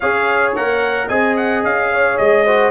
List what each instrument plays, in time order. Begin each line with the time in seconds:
0.00 tuba C#4, trombone G#4, horn C#5, trumpet F5
0.54 tuba A#3, trombone A#4, trumpet F#5
1.08 tuba C4, trombone G#4, horn D#5, trumpet G#5
1.36 trumpet F#5
1.62 tuba C#4, trumpet F5
1.92 horn C#5
2.17 tuba G#3, trumpet D#5
2.45 trombone F#4, horn C5